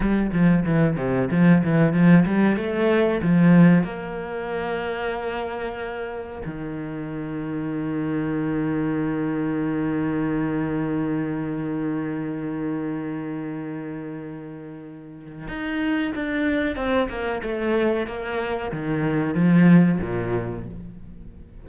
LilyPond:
\new Staff \with { instrumentName = "cello" } { \time 4/4 \tempo 4 = 93 g8 f8 e8 c8 f8 e8 f8 g8 | a4 f4 ais2~ | ais2 dis2~ | dis1~ |
dis1~ | dis1 | dis'4 d'4 c'8 ais8 a4 | ais4 dis4 f4 ais,4 | }